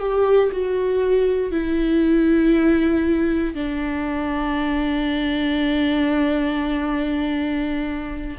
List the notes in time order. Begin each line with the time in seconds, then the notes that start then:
0.00 G4
0.53 F#4
1.52 E4
3.55 D4